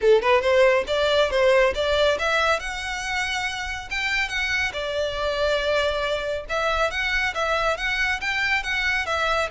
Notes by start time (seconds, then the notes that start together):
0.01 A4
0.21 B4
0.41 C5
0.87 D5
1.30 C5
1.74 D5
2.18 E5
2.59 F#5
3.90 G5
4.28 F#5
4.72 D5
6.49 E5
6.90 F#5
7.34 E5
7.77 F#5
8.20 G5
8.63 F#5
9.06 E5